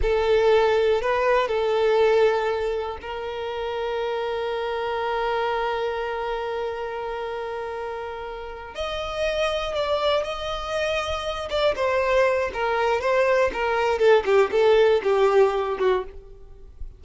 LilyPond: \new Staff \with { instrumentName = "violin" } { \time 4/4 \tempo 4 = 120 a'2 b'4 a'4~ | a'2 ais'2~ | ais'1~ | ais'1~ |
ais'4. dis''2 d''8~ | d''8 dis''2~ dis''8 d''8 c''8~ | c''4 ais'4 c''4 ais'4 | a'8 g'8 a'4 g'4. fis'8 | }